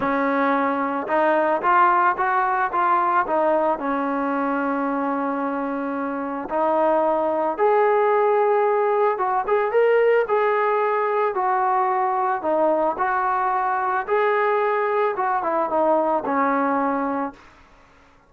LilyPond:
\new Staff \with { instrumentName = "trombone" } { \time 4/4 \tempo 4 = 111 cis'2 dis'4 f'4 | fis'4 f'4 dis'4 cis'4~ | cis'1 | dis'2 gis'2~ |
gis'4 fis'8 gis'8 ais'4 gis'4~ | gis'4 fis'2 dis'4 | fis'2 gis'2 | fis'8 e'8 dis'4 cis'2 | }